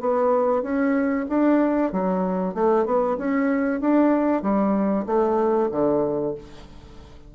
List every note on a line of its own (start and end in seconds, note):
0.00 0.62 B3
0.62 1.25 C#4
1.29 1.92 D4
1.92 2.54 F#3
2.54 2.85 A3
2.85 3.17 B3
3.18 3.80 C#4
3.80 4.42 D4
4.42 5.05 G3
5.06 5.69 A3
5.71 6.34 D3